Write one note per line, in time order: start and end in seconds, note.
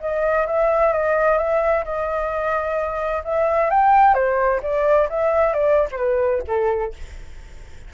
0.00 0.46 D#5
0.47 0.92 E5
0.92 1.38 D#5
1.38 1.84 E5
1.85 3.23 D#5
3.24 3.70 E5
3.70 4.14 G5
4.14 4.60 C5
4.63 5.09 D5
5.09 5.53 E5
5.53 5.88 D5
5.91 6.43 B4
5.91 5.97 C5
6.47 6.94 A4